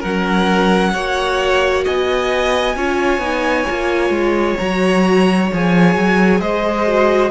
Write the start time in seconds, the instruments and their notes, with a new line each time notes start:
0.00 cello F#3, violin A#4 F#5
0.07 viola C#4
0.94 cello A#3, viola F#4, violin C#5
1.85 cello B3, violin D#5 G#5
2.76 cello C#4, viola F4, violin C#5
3.18 cello B3, viola D#4
3.67 cello A#3, viola F4
4.10 cello G#3
4.58 cello F#3, viola F#4, violin A#5
5.53 cello F3, viola G#4, violin G#5
5.95 cello F#3
6.40 cello G#3, violin C5 D#5
6.87 viola F#4